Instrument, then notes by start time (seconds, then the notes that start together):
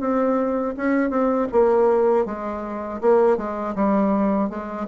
bassoon
0.00 C4
0.77 C#4
1.10 C4
1.52 A#3
2.26 G#3
3.01 A#3
3.37 G#3
3.75 G3
4.49 G#3